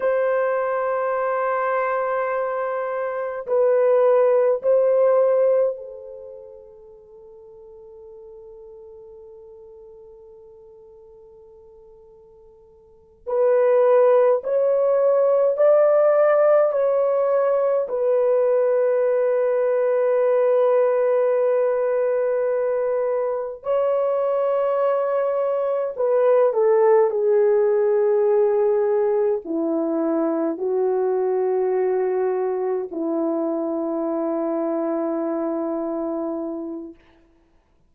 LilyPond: \new Staff \with { instrumentName = "horn" } { \time 4/4 \tempo 4 = 52 c''2. b'4 | c''4 a'2.~ | a'2.~ a'8 b'8~ | b'8 cis''4 d''4 cis''4 b'8~ |
b'1~ | b'8 cis''2 b'8 a'8 gis'8~ | gis'4. e'4 fis'4.~ | fis'8 e'2.~ e'8 | }